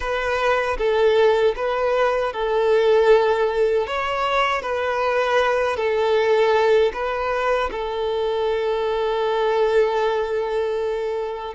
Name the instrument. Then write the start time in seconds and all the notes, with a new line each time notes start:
violin
0.00 B4
0.77 A4
1.56 B4
2.33 A4
3.86 C#5
4.62 B4
5.76 A4
6.93 B4
7.71 A4